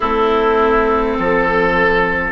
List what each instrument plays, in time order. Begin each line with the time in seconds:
0.00 bassoon A3, viola C4, oboe E4, clarinet A4
1.18 bassoon F3, oboe A4